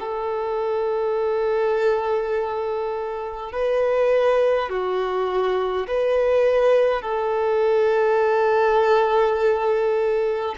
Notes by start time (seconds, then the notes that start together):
0.00 A4
3.52 B4
4.70 F#4
5.88 B4
7.02 A4